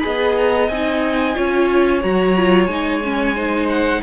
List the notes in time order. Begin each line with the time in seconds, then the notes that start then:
0.00 G#4 D#5 B5
0.06 B3
0.37 A#5
0.69 C4 D#4 G#5
1.35 C#4 F4 C#5
2.01 F#3 F#4 A#5
2.37 F4
2.66 G#3 D#4 G#5
3.04 C#4
3.35 D#4 C5
3.69 F#5